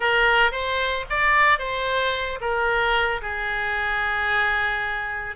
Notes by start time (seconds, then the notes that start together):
0.00 A#4
0.51 C5
1.09 D5
1.58 C5
2.40 A#4
3.21 G#4